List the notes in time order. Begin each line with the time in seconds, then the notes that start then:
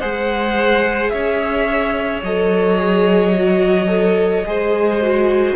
0.00 G#3 G#4 C5 F#5
1.10 C#4 C#5 E5
2.22 F#3 A4 D#5
2.79 G#4
3.37 F#4
3.88 A4
4.44 G#3 G#4 C5
5.02 F#4